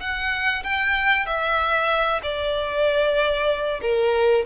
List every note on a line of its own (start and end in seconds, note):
0.00 0.63 F#5
0.64 1.26 G5
1.26 2.21 E5
2.23 3.81 D5
3.82 4.45 A#4